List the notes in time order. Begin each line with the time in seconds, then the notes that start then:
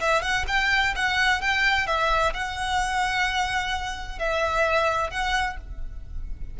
0.00 E5
0.22 F#5
0.48 G5
0.96 F#5
1.41 G5
1.87 E5
2.34 F#5
4.19 E5
5.11 F#5